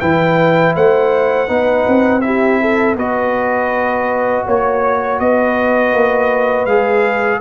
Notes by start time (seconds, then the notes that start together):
0.00 E3 E4 B4 G5
0.75 A3 C5 F#5
1.47 B3 D#4 B4
1.87 C4
2.21 E4 G4 E5
2.61 A4
2.95 B3 F#4 B4 D#5
4.46 A#3 C#5
5.19 B3 B4 D#5
5.93 A#3
6.66 G#3 G#4 F5